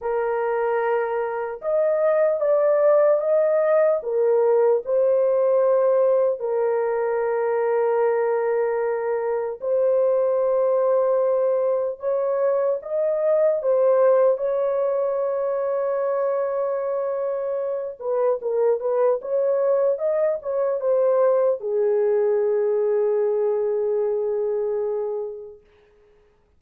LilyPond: \new Staff \with { instrumentName = "horn" } { \time 4/4 \tempo 4 = 75 ais'2 dis''4 d''4 | dis''4 ais'4 c''2 | ais'1 | c''2. cis''4 |
dis''4 c''4 cis''2~ | cis''2~ cis''8 b'8 ais'8 b'8 | cis''4 dis''8 cis''8 c''4 gis'4~ | gis'1 | }